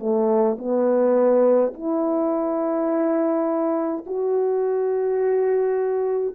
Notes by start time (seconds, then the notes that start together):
0.00 A3
0.58 B3
1.74 E4
4.06 F#4